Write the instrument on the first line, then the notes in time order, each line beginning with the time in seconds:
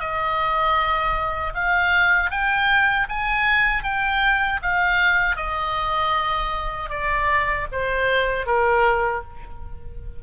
oboe
0.00 D#5
1.54 F5
2.31 G5
3.09 G#5
3.84 G5
4.62 F5
5.36 D#5
6.90 D5
7.72 C5
8.46 A#4